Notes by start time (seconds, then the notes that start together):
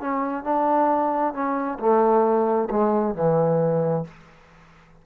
0.00 C#4
0.44 D4
1.33 C#4
1.79 A3
2.70 G#3
3.15 E3